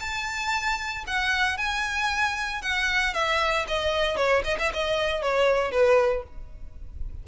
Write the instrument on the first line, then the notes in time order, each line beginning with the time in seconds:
violin
0.00 A5
1.07 F#5
1.58 G#5
2.62 F#5
3.14 E5
3.68 D#5
4.17 C#5
4.45 D#5
4.59 E5
4.74 D#5
5.23 C#5
5.72 B4